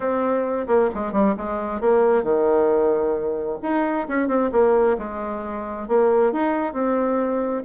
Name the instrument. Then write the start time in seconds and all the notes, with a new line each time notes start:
bassoon
0.00 C4
0.67 A#3
0.94 G#3
1.12 G3
1.37 G#3
1.80 A#3
2.23 D#3
3.62 D#4
4.07 C#4
4.28 C4
4.52 A#3
4.97 G#3
5.87 A#3
6.32 D#4
6.73 C4